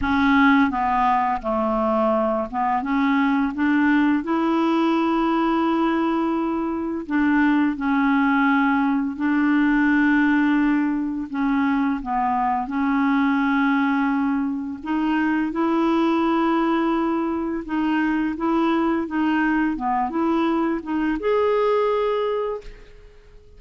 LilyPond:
\new Staff \with { instrumentName = "clarinet" } { \time 4/4 \tempo 4 = 85 cis'4 b4 a4. b8 | cis'4 d'4 e'2~ | e'2 d'4 cis'4~ | cis'4 d'2. |
cis'4 b4 cis'2~ | cis'4 dis'4 e'2~ | e'4 dis'4 e'4 dis'4 | b8 e'4 dis'8 gis'2 | }